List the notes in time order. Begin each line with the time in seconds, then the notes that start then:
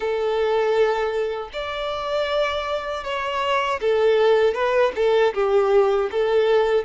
0.00 A4
1.52 D5
3.04 C#5
3.80 A4
4.54 B4
4.95 A4
5.34 G4
6.11 A4